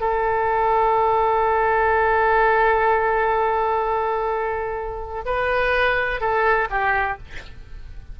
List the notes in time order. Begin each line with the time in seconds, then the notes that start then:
0.00 A4
5.25 B4
6.20 A4
6.70 G4